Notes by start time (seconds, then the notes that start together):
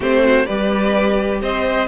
0.00 A3 C4 G4 C5
0.24 F#4
0.45 G3 G4 B4 D5
1.41 C4 C5 D#5